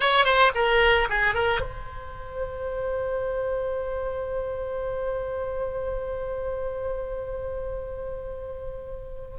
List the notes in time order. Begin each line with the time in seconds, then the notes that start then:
0.00 C#5
0.24 C5
0.55 A#4
1.09 G#4
1.34 A#4
1.60 C5